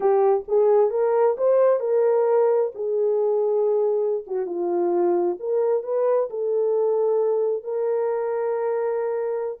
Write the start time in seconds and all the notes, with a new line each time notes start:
0.00 G4
0.47 G#4
0.90 A#4
1.37 C5
1.80 A#4
2.74 G#4
4.26 F#4
4.46 F4
5.39 A#4
5.83 B4
6.30 A4
7.63 A#4